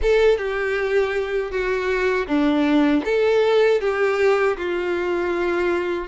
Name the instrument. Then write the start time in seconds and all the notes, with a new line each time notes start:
violin
0.02 A4
0.37 G4
1.51 F#4
2.27 D4
3.04 A4
3.80 G4
4.57 F4